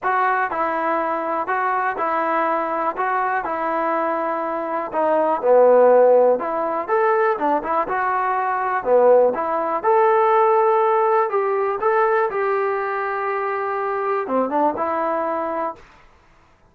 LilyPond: \new Staff \with { instrumentName = "trombone" } { \time 4/4 \tempo 4 = 122 fis'4 e'2 fis'4 | e'2 fis'4 e'4~ | e'2 dis'4 b4~ | b4 e'4 a'4 d'8 e'8 |
fis'2 b4 e'4 | a'2. g'4 | a'4 g'2.~ | g'4 c'8 d'8 e'2 | }